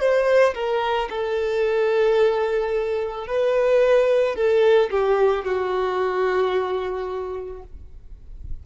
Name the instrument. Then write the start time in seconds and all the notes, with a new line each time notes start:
violin
0.00 C5
0.55 A#4
1.10 A4
3.27 B4
4.36 A4
4.91 G4
5.45 F#4